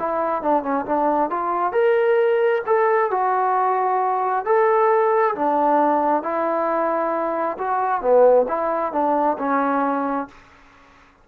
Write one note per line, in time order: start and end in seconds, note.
0.00 0.42 E4
0.42 0.63 D4
0.63 0.85 C#4
0.86 1.31 D4
1.31 1.73 F4
1.73 2.63 A#4
2.67 3.11 A4
3.11 4.46 F#4
4.46 5.35 A4
5.36 6.23 D4
6.23 7.58 E4
7.59 8.01 F#4
8.01 8.46 B3
8.48 8.93 E4
8.93 9.37 D4
9.39 10.29 C#4